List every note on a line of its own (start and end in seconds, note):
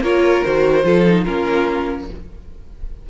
0.00 0.41 A#3
0.00 0.44 F4
0.00 0.84 A#4
0.00 0.43 C#5
0.43 0.84 D#3
0.43 0.83 F#4
0.43 1.23 C5
0.83 1.25 F3
0.83 1.03 F4
0.83 1.24 A4
1.06 1.26 D#4
1.23 2.09 A#3
1.23 2.08 C#4
1.23 2.06 F4
1.23 2.06 A#4